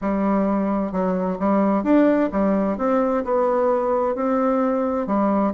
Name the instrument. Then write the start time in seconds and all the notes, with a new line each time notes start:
bassoon
0.01 G3
0.92 F#3
1.39 G3
1.83 D4
2.31 G3
2.77 C4
3.24 B3
4.15 C4
5.06 G3